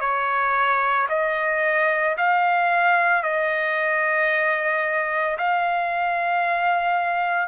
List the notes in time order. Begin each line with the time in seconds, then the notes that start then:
0.00 C#5
1.09 D#5
2.17 F5
3.23 D#5
5.37 F5